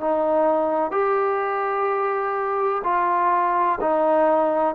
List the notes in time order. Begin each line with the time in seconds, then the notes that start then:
0.00 D#4
0.92 G4
2.84 F4
3.81 D#4